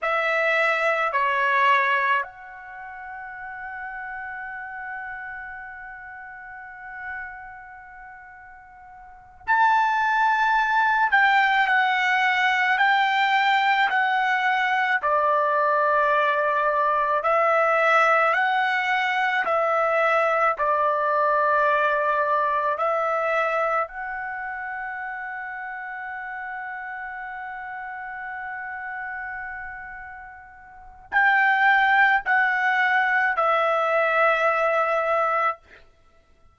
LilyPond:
\new Staff \with { instrumentName = "trumpet" } { \time 4/4 \tempo 4 = 54 e''4 cis''4 fis''2~ | fis''1~ | fis''8 a''4. g''8 fis''4 g''8~ | g''8 fis''4 d''2 e''8~ |
e''8 fis''4 e''4 d''4.~ | d''8 e''4 fis''2~ fis''8~ | fis''1 | g''4 fis''4 e''2 | }